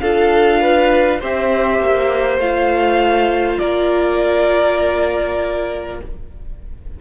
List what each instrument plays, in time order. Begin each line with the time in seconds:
0.00 cello D4, viola F4, violin A4 F5
0.61 violin B4
1.20 cello C4, viola G4, violin C5 E5
1.80 cello A#3
2.38 cello A3, viola F4, violin F5
3.59 cello A#3, violin A#4 D5